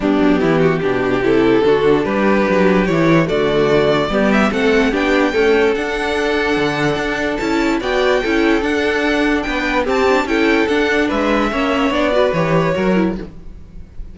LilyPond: <<
  \new Staff \with { instrumentName = "violin" } { \time 4/4 \tempo 4 = 146 g'2. a'4~ | a'4 b'2 cis''4 | d''2~ d''8 e''8 fis''4 | g''2 fis''2~ |
fis''2 a''4 g''4~ | g''4 fis''2 g''4 | a''4 g''4 fis''4 e''4~ | e''4 d''4 cis''2 | }
  \new Staff \with { instrumentName = "violin" } { \time 4/4 d'4 e'8 fis'8 g'2 | fis'4 g'2. | fis'2 g'4 a'4 | g'4 a'2.~ |
a'2. d''4 | a'2. b'4 | g'4 a'2 b'4 | cis''4. b'4. ais'4 | }
  \new Staff \with { instrumentName = "viola" } { \time 4/4 b2 d'4 e'4 | d'2. e'4 | a2 b4 c'4 | d'4 a4 d'2~ |
d'2 e'4 fis'4 | e'4 d'2. | c'8 d'8 e'4 d'2 | cis'4 d'8 fis'8 g'4 fis'8 e'8 | }
  \new Staff \with { instrumentName = "cello" } { \time 4/4 g8 fis8 e4 b,4 c4 | d4 g4 fis4 e4 | d2 g4 a4 | b4 cis'4 d'2 |
d4 d'4 cis'4 b4 | cis'4 d'2 b4 | c'4 cis'4 d'4 gis4 | ais4 b4 e4 fis4 | }
>>